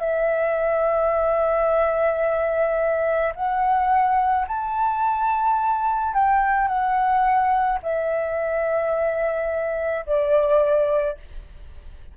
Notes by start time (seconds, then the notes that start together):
0.00 E5
3.35 F#5
4.47 A5
6.14 G5
6.68 F#5
7.83 E5
10.06 D5